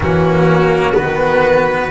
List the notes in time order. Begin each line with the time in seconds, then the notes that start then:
0.00 E3 A#3 C#4 F#4
0.94 B3 F#4 B4
1.01 D#3